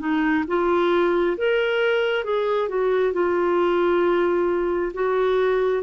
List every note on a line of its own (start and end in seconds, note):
0.00 0.45 D#4
0.48 1.37 F4
1.38 2.24 A#4
2.24 2.69 G#4
2.69 3.13 F#4
3.13 4.93 F4
4.94 5.84 F#4